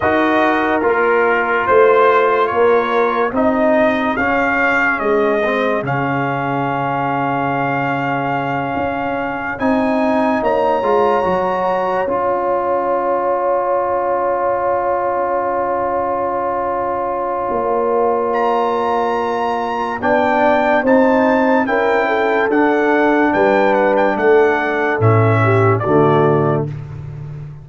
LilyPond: <<
  \new Staff \with { instrumentName = "trumpet" } { \time 4/4 \tempo 4 = 72 dis''4 ais'4 c''4 cis''4 | dis''4 f''4 dis''4 f''4~ | f''2.~ f''8 gis''8~ | gis''8 ais''2 gis''4.~ |
gis''1~ | gis''2 ais''2 | g''4 a''4 g''4 fis''4 | g''8 fis''16 g''16 fis''4 e''4 d''4 | }
  \new Staff \with { instrumentName = "horn" } { \time 4/4 ais'2 c''4 ais'4 | gis'1~ | gis'1~ | gis'8 cis''2.~ cis''8~ |
cis''1~ | cis''1 | d''4 c''4 ais'8 a'4. | b'4 a'4. g'8 fis'4 | }
  \new Staff \with { instrumentName = "trombone" } { \time 4/4 fis'4 f'2. | dis'4 cis'4. c'8 cis'4~ | cis'2.~ cis'8 dis'8~ | dis'4 f'8 fis'4 f'4.~ |
f'1~ | f'1 | d'4 dis'4 e'4 d'4~ | d'2 cis'4 a4 | }
  \new Staff \with { instrumentName = "tuba" } { \time 4/4 dis'4 ais4 a4 ais4 | c'4 cis'4 gis4 cis4~ | cis2~ cis8 cis'4 c'8~ | c'8 ais8 gis8 fis4 cis'4.~ |
cis'1~ | cis'4 ais2. | b4 c'4 cis'4 d'4 | g4 a4 a,4 d4 | }
>>